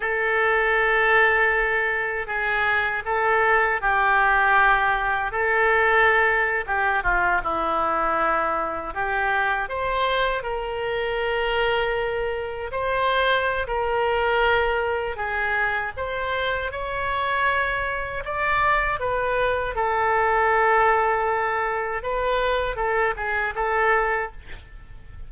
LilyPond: \new Staff \with { instrumentName = "oboe" } { \time 4/4 \tempo 4 = 79 a'2. gis'4 | a'4 g'2 a'4~ | a'8. g'8 f'8 e'2 g'16~ | g'8. c''4 ais'2~ ais'16~ |
ais'8. c''4~ c''16 ais'2 | gis'4 c''4 cis''2 | d''4 b'4 a'2~ | a'4 b'4 a'8 gis'8 a'4 | }